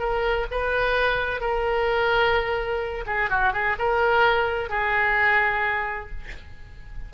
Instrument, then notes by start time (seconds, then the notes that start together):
oboe
0.00 A#4
0.52 B4
1.41 A#4
3.07 G#4
3.30 F#4
3.53 G#4
3.79 A#4
4.70 G#4